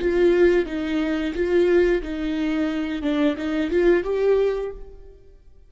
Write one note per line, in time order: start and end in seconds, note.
0.00 0.66 F4
0.66 1.33 D#4
1.35 2.02 F4
2.02 3.02 D#4
3.02 3.36 D4
3.37 3.70 D#4
3.71 4.03 F4
4.03 4.71 G4